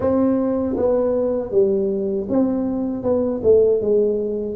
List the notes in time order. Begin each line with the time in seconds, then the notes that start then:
0.00 C4
0.76 B3
1.51 G3
2.29 C4
3.02 B3
3.43 A3
3.81 G#3